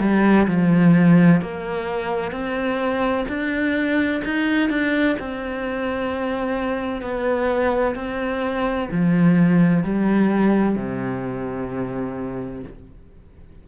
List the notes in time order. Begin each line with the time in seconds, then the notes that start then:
0.00 G3
0.47 F3
1.41 A#3
2.31 C4
3.29 D4
4.24 D#4
4.70 D4
5.19 C4
7.02 B3
7.95 C4
8.91 F3
9.84 G3
10.76 C3